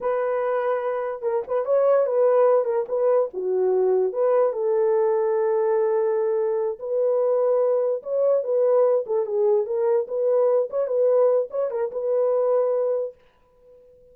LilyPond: \new Staff \with { instrumentName = "horn" } { \time 4/4 \tempo 4 = 146 b'2. ais'8 b'8 | cis''4 b'4. ais'8 b'4 | fis'2 b'4 a'4~ | a'1~ |
a'8 b'2. cis''8~ | cis''8 b'4. a'8 gis'4 ais'8~ | ais'8 b'4. cis''8 b'4. | cis''8 ais'8 b'2. | }